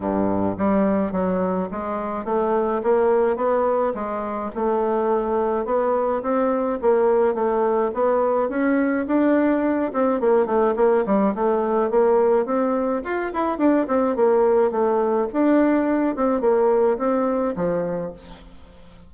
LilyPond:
\new Staff \with { instrumentName = "bassoon" } { \time 4/4 \tempo 4 = 106 g,4 g4 fis4 gis4 | a4 ais4 b4 gis4 | a2 b4 c'4 | ais4 a4 b4 cis'4 |
d'4. c'8 ais8 a8 ais8 g8 | a4 ais4 c'4 f'8 e'8 | d'8 c'8 ais4 a4 d'4~ | d'8 c'8 ais4 c'4 f4 | }